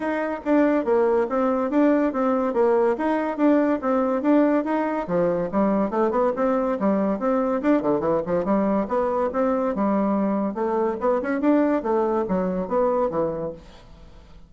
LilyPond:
\new Staff \with { instrumentName = "bassoon" } { \time 4/4 \tempo 4 = 142 dis'4 d'4 ais4 c'4 | d'4 c'4 ais4 dis'4 | d'4 c'4 d'4 dis'4 | f4 g4 a8 b8 c'4 |
g4 c'4 d'8 d8 e8 f8 | g4 b4 c'4 g4~ | g4 a4 b8 cis'8 d'4 | a4 fis4 b4 e4 | }